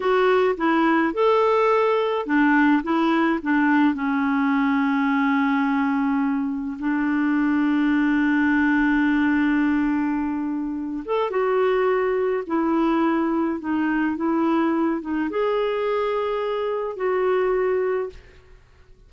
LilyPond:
\new Staff \with { instrumentName = "clarinet" } { \time 4/4 \tempo 4 = 106 fis'4 e'4 a'2 | d'4 e'4 d'4 cis'4~ | cis'1 | d'1~ |
d'2.~ d'8 a'8 | fis'2 e'2 | dis'4 e'4. dis'8 gis'4~ | gis'2 fis'2 | }